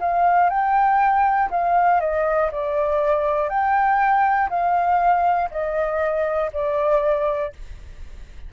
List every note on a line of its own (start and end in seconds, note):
0.00 0.50 F5
0.50 1.50 G5
1.50 2.00 F5
2.00 2.50 D#5
2.51 3.49 D5
3.49 4.49 G5
4.50 5.50 F5
5.50 6.50 D#5
6.52 7.52 D5